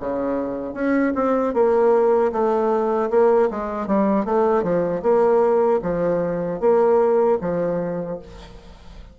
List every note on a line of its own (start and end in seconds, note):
0.00 0.74 C#3
0.74 1.13 C#4
1.15 1.54 C4
1.54 2.32 A#3
2.32 3.10 A3
3.10 3.49 A#3
3.51 3.87 G#3
3.87 4.25 G3
4.25 4.63 A3
4.63 5.02 F3
5.02 5.80 A#3
5.82 6.60 F3
6.60 7.38 A#3
7.41 8.19 F3